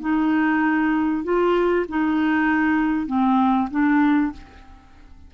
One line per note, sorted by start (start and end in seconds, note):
0.00 1.23 D#4
1.23 1.85 F4
1.88 3.06 D#4
3.06 3.68 C4
3.70 4.32 D4